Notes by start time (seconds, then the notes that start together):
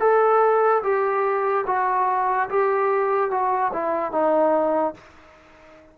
0.00 A4
0.83 G4
1.67 F#4
2.49 G4
3.31 F#4
3.73 E4
4.12 D#4